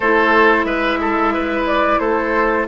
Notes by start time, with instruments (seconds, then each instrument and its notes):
0.00 bassoon A3, clarinet E4, oboe A4, flute C5
0.64 bassoon G#3, oboe B4, flute E5
1.00 oboe A4
1.33 oboe B4
1.66 flute D5
1.99 bassoon A3, oboe A4, flute C5